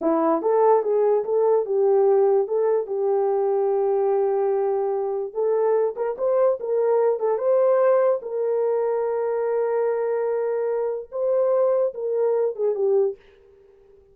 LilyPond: \new Staff \with { instrumentName = "horn" } { \time 4/4 \tempo 4 = 146 e'4 a'4 gis'4 a'4 | g'2 a'4 g'4~ | g'1~ | g'4 a'4. ais'8 c''4 |
ais'4. a'8 c''2 | ais'1~ | ais'2. c''4~ | c''4 ais'4. gis'8 g'4 | }